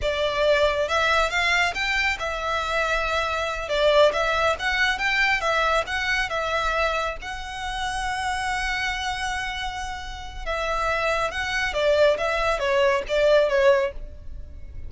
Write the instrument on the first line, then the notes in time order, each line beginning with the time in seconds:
violin
0.01 D5
0.88 E5
1.30 F5
1.74 G5
2.19 E5
3.68 D5
4.12 E5
4.59 F#5
4.98 G5
5.40 E5
5.87 F#5
6.29 E5
7.21 F#5
10.45 E5
11.31 F#5
11.73 D5
12.17 E5
12.59 C#5
13.08 D5
13.48 C#5